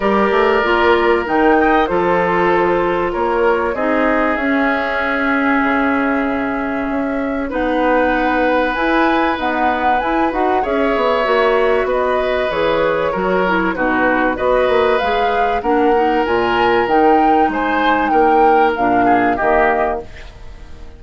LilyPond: <<
  \new Staff \with { instrumentName = "flute" } { \time 4/4 \tempo 4 = 96 d''2 g''4 c''4~ | c''4 cis''4 dis''4 e''4~ | e''1 | fis''2 gis''4 fis''4 |
gis''8 fis''8 e''2 dis''4 | cis''2 b'4 dis''4 | f''4 fis''4 gis''4 g''4 | gis''4 g''4 f''4 dis''4 | }
  \new Staff \with { instrumentName = "oboe" } { \time 4/4 ais'2~ ais'8 dis''8 a'4~ | a'4 ais'4 gis'2~ | gis'1 | b'1~ |
b'4 cis''2 b'4~ | b'4 ais'4 fis'4 b'4~ | b'4 ais'2. | c''4 ais'4. gis'8 g'4 | }
  \new Staff \with { instrumentName = "clarinet" } { \time 4/4 g'4 f'4 dis'4 f'4~ | f'2 dis'4 cis'4~ | cis'1 | dis'2 e'4 b4 |
e'8 fis'8 gis'4 fis'2 | gis'4 fis'8 e'8 dis'4 fis'4 | gis'4 d'8 dis'8 f'4 dis'4~ | dis'2 d'4 ais4 | }
  \new Staff \with { instrumentName = "bassoon" } { \time 4/4 g8 a8 ais4 dis4 f4~ | f4 ais4 c'4 cis'4~ | cis'4 cis2 cis'4 | b2 e'4 dis'4 |
e'8 dis'8 cis'8 b8 ais4 b4 | e4 fis4 b,4 b8 ais8 | gis4 ais4 ais,4 dis4 | gis4 ais4 ais,4 dis4 | }
>>